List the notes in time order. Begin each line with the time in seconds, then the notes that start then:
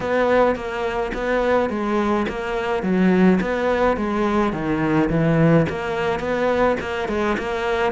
0.00 B3
0.55 A#3
1.14 B3
1.69 G#3
2.28 A#3
2.83 F#3
3.40 B3
3.96 G#3
4.52 D#3
5.09 E3
5.69 A#3
6.19 B3
6.80 A#3
7.08 G#3
7.38 A#3